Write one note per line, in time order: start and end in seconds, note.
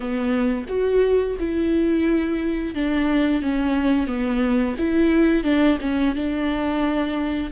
0.00 0.65 B3
0.68 1.36 F#4
1.39 2.75 E4
2.75 3.42 D4
3.42 4.07 C#4
4.07 4.75 B3
4.78 5.43 E4
5.43 5.77 D4
5.80 6.15 C#4
6.15 7.51 D4